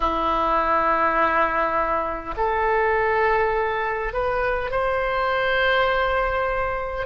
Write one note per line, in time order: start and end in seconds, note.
0.00 2.35 E4
2.36 4.13 A4
4.13 4.71 B4
4.71 7.06 C5